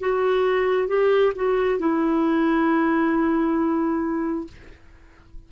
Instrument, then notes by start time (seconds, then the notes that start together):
clarinet
0.00 F#4
0.88 G4
1.36 F#4
1.79 E4